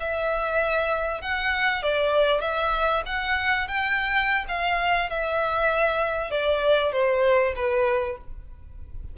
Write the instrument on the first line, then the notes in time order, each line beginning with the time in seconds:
violin
0.00 E5
1.21 F#5
1.83 D5
2.41 E5
3.06 F#5
3.68 G5
4.49 F5
5.10 E5
6.31 D5
6.92 C5
7.56 B4